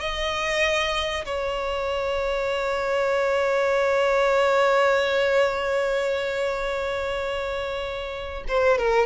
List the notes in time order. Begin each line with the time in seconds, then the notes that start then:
0.00 D#5
1.26 C#5
8.48 C5
8.78 A#4